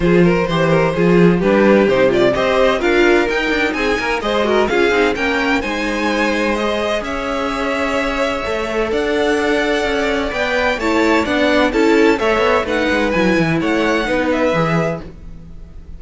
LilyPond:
<<
  \new Staff \with { instrumentName = "violin" } { \time 4/4 \tempo 4 = 128 c''2. b'4 | c''8 d''8 dis''4 f''4 g''4 | gis''4 dis''4 f''4 g''4 | gis''2 dis''4 e''4~ |
e''2. fis''4~ | fis''2 g''4 a''4 | fis''4 a''4 e''4 fis''4 | gis''4 fis''4. e''4. | }
  \new Staff \with { instrumentName = "violin" } { \time 4/4 gis'8 ais'8 c''8 ais'8 gis'4 g'4~ | g'4 c''4 ais'2 | gis'8 ais'8 c''8 ais'8 gis'4 ais'4 | c''2. cis''4~ |
cis''2. d''4~ | d''2. cis''4 | d''4 a'4 cis''4 b'4~ | b'4 cis''4 b'2 | }
  \new Staff \with { instrumentName = "viola" } { \time 4/4 f'4 g'4 f'4 d'4 | dis'8 f'8 g'4 f'4 dis'4~ | dis'4 gis'8 fis'8 f'8 dis'8 cis'4 | dis'2 gis'2~ |
gis'2 a'2~ | a'2 b'4 e'4 | d'4 e'4 a'4 dis'4 | e'2 dis'4 gis'4 | }
  \new Staff \with { instrumentName = "cello" } { \time 4/4 f4 e4 f4 g4 | c4 c'4 d'4 dis'8 d'8 | c'8 ais8 gis4 cis'8 c'8 ais4 | gis2. cis'4~ |
cis'2 a4 d'4~ | d'4 cis'4 b4 a4 | b4 cis'4 a8 b8 a8 gis8 | fis8 e8 a4 b4 e4 | }
>>